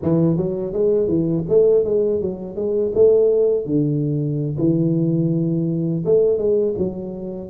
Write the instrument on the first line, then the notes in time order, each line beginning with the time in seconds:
tuba
0.02 E3
0.37 F#3
0.73 G#3
1.07 E3
1.48 A3
1.84 G#3
2.21 F#3
2.55 G#3
2.94 A3
3.65 D3
4.57 E3
6.05 A3
6.38 G#3
6.77 F#3